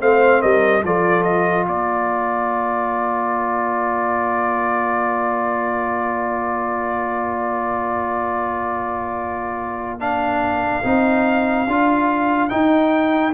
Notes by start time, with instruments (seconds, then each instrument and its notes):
0.00 tuba A3, trombone C4, horn C5, trumpet F5
0.41 tuba G3, horn A#4, trumpet D#5
0.84 tuba F3, trombone F4, horn A4, trumpet D5
1.23 trumpet D#5
1.67 tuba A#3, horn A#4, trumpet D5
10.00 trombone D4, trumpet F5
10.84 tuba C4, trombone D#4
11.68 tuba D4, trombone F4
12.49 trombone D#4, tuba D#4, trumpet G5